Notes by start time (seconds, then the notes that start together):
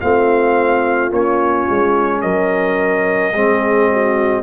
0.00 A3 C4 F4 F5
1.10 A#3 C#4 C#5
1.69 G#3
2.21 F#3 A#4 D#5
3.33 G#3 C4 G#4
3.91 F#4